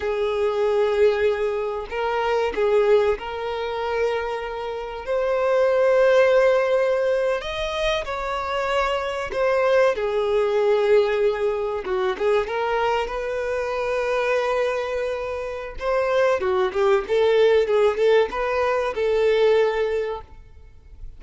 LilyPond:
\new Staff \with { instrumentName = "violin" } { \time 4/4 \tempo 4 = 95 gis'2. ais'4 | gis'4 ais'2. | c''2.~ c''8. dis''16~ | dis''8. cis''2 c''4 gis'16~ |
gis'2~ gis'8. fis'8 gis'8 ais'16~ | ais'8. b'2.~ b'16~ | b'4 c''4 fis'8 g'8 a'4 | gis'8 a'8 b'4 a'2 | }